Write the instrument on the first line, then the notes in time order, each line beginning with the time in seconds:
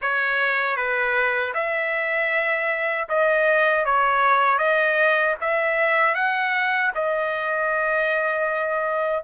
trumpet
0.01 C#5
0.76 B4
1.54 E5
3.08 D#5
3.85 C#5
4.58 D#5
5.40 E5
6.14 F#5
6.94 D#5